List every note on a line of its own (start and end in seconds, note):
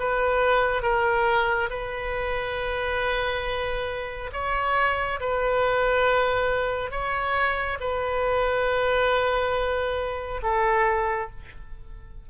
0.00 0.83 B4
0.83 1.70 A#4
1.70 4.31 B4
4.33 5.20 C#5
5.21 6.92 B4
6.92 7.79 C#5
7.81 10.42 B4
10.43 11.30 A4